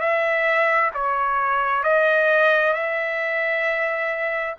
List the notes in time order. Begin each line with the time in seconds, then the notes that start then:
0.00 E5
0.94 C#5
1.84 D#5
2.74 E5